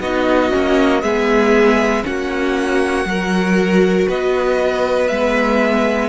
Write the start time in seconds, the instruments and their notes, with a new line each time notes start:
0.00 cello B3, viola D#4, violin F#4 D#5
0.52 cello A#3, viola C#4
1.03 cello G#3, viola B3, violin G#4 E5
2.04 cello A#3, viola C#4, violin F#4 F#5
3.05 cello F#3, viola F#4, violin A#4
4.08 cello B3, violin B4 D#5
5.08 cello G#3, viola B3, violin E5